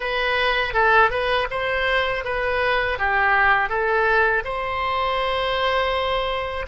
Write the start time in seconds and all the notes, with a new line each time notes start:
0.00 B4
0.73 A4
1.10 B4
1.50 C5
2.24 B4
2.98 G4
3.69 A4
4.44 C5